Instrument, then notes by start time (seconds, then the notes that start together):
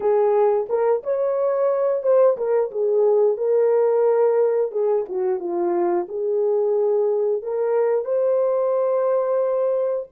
horn
0.00 G#4
0.69 A#4
1.03 C#5
2.03 C5
2.37 A#4
2.71 G#4
3.37 A#4
4.71 G#4
5.08 F#4
5.39 F4
6.08 G#4
7.42 A#4
8.04 C5